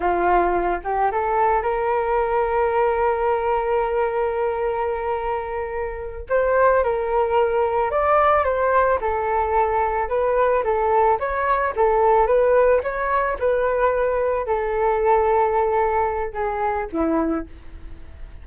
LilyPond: \new Staff \with { instrumentName = "flute" } { \time 4/4 \tempo 4 = 110 f'4. g'8 a'4 ais'4~ | ais'1~ | ais'2.~ ais'8 c''8~ | c''8 ais'2 d''4 c''8~ |
c''8 a'2 b'4 a'8~ | a'8 cis''4 a'4 b'4 cis''8~ | cis''8 b'2 a'4.~ | a'2 gis'4 e'4 | }